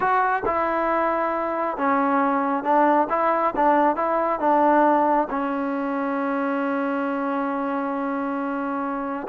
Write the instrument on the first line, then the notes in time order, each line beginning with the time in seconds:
trombone
0.00 F#4
0.45 E4
1.77 C#4
2.63 D4
3.09 E4
3.55 D4
3.96 E4
4.39 D4
5.30 C#4